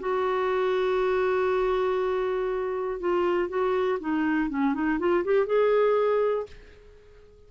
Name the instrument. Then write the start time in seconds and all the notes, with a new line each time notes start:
clarinet
0.00 F#4
3.00 F4
3.49 F#4
4.00 D#4
4.50 C#4
4.74 D#4
4.99 F4
5.25 G4
5.47 G#4